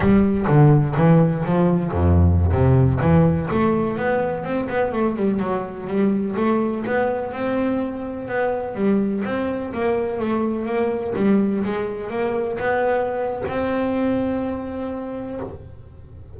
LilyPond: \new Staff \with { instrumentName = "double bass" } { \time 4/4 \tempo 4 = 125 g4 d4 e4 f4 | f,4~ f,16 c4 e4 a8.~ | a16 b4 c'8 b8 a8 g8 fis8.~ | fis16 g4 a4 b4 c'8.~ |
c'4~ c'16 b4 g4 c'8.~ | c'16 ais4 a4 ais4 g8.~ | g16 gis4 ais4 b4.~ b16 | c'1 | }